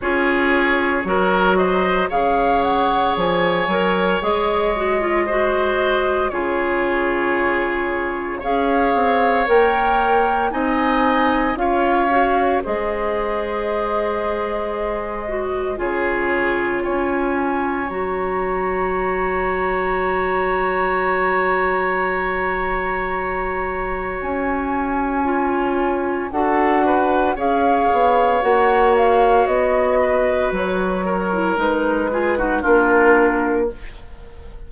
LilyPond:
<<
  \new Staff \with { instrumentName = "flute" } { \time 4/4 \tempo 4 = 57 cis''4. dis''8 f''8 fis''8 gis''4 | dis''2 cis''2 | f''4 g''4 gis''4 f''4 | dis''2. cis''4 |
gis''4 ais''2.~ | ais''2. gis''4~ | gis''4 fis''4 f''4 fis''8 f''8 | dis''4 cis''4 b'4 ais'4 | }
  \new Staff \with { instrumentName = "oboe" } { \time 4/4 gis'4 ais'8 c''8 cis''2~ | cis''4 c''4 gis'2 | cis''2 dis''4 cis''4 | c''2. gis'4 |
cis''1~ | cis''1~ | cis''4 a'8 b'8 cis''2~ | cis''8 b'4 ais'4 gis'16 fis'16 f'4 | }
  \new Staff \with { instrumentName = "clarinet" } { \time 4/4 f'4 fis'4 gis'4. ais'8 | gis'8 fis'16 f'16 fis'4 f'2 | gis'4 ais'4 dis'4 f'8 fis'8 | gis'2~ gis'8 fis'8 f'4~ |
f'4 fis'2.~ | fis'1 | f'4 fis'4 gis'4 fis'4~ | fis'4.~ fis'16 e'16 dis'8 f'16 dis'16 d'4 | }
  \new Staff \with { instrumentName = "bassoon" } { \time 4/4 cis'4 fis4 cis4 f8 fis8 | gis2 cis2 | cis'8 c'8 ais4 c'4 cis'4 | gis2. cis4 |
cis'4 fis2.~ | fis2. cis'4~ | cis'4 d'4 cis'8 b8 ais4 | b4 fis4 gis4 ais4 | }
>>